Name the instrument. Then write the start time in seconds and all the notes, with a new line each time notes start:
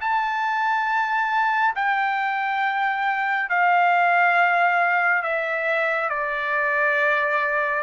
trumpet
0.00 A5
1.75 G5
3.49 F5
5.22 E5
6.09 D5